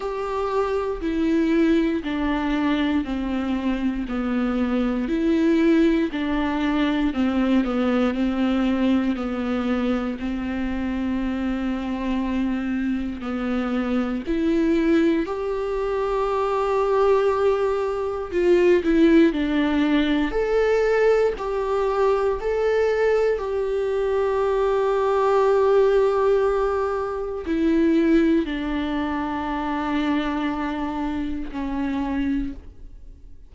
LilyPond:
\new Staff \with { instrumentName = "viola" } { \time 4/4 \tempo 4 = 59 g'4 e'4 d'4 c'4 | b4 e'4 d'4 c'8 b8 | c'4 b4 c'2~ | c'4 b4 e'4 g'4~ |
g'2 f'8 e'8 d'4 | a'4 g'4 a'4 g'4~ | g'2. e'4 | d'2. cis'4 | }